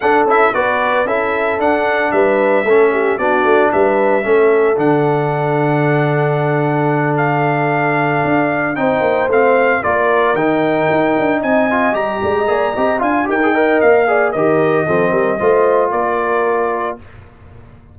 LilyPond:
<<
  \new Staff \with { instrumentName = "trumpet" } { \time 4/4 \tempo 4 = 113 fis''8 e''8 d''4 e''4 fis''4 | e''2 d''4 e''4~ | e''4 fis''2.~ | fis''4. f''2~ f''8~ |
f''8 g''4 f''4 d''4 g''8~ | g''4. gis''4 ais''4.~ | ais''8 gis''8 g''4 f''4 dis''4~ | dis''2 d''2 | }
  \new Staff \with { instrumentName = "horn" } { \time 4/4 a'4 b'4 a'2 | b'4 a'8 g'8 fis'4 b'4 | a'1~ | a'1~ |
a'8 c''2 ais'4.~ | ais'4. dis''4. d''16 dis''16 d''8 | dis''8 f''8 ais'8 dis''4 d''8 ais'4 | a'8 ais'8 c''4 ais'2 | }
  \new Staff \with { instrumentName = "trombone" } { \time 4/4 d'8 e'8 fis'4 e'4 d'4~ | d'4 cis'4 d'2 | cis'4 d'2.~ | d'1~ |
d'8 dis'4 c'4 f'4 dis'8~ | dis'2 f'8 g'4 gis'8 | g'8 f'8 g'16 gis'16 ais'4 gis'8 g'4 | c'4 f'2. | }
  \new Staff \with { instrumentName = "tuba" } { \time 4/4 d'8 cis'8 b4 cis'4 d'4 | g4 a4 b8 a8 g4 | a4 d2.~ | d2.~ d8 d'8~ |
d'8 c'8 ais8 a4 ais4 dis8~ | dis8 dis'8 d'8 c'4 g8 gis8 ais8 | c'8 d'8 dis'4 ais4 dis4 | f8 g8 a4 ais2 | }
>>